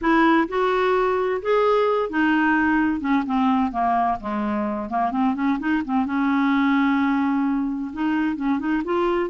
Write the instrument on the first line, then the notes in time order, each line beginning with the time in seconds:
clarinet
0.01 E4
0.48 F#4
1.42 G#4
2.09 D#4
3.00 C#4
3.26 C4
3.71 A#3
4.20 G#3
4.89 A#3
5.11 C4
5.35 C#4
5.59 D#4
5.84 C4
6.05 C#4
7.92 D#4
8.36 C#4
8.59 D#4
8.84 F4